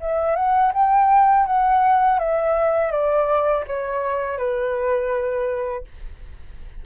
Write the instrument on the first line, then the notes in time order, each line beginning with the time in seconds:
flute
0.00 E5
0.36 F#5
0.73 G5
1.46 F#5
2.19 E5
2.91 D5
3.67 C#5
4.38 B4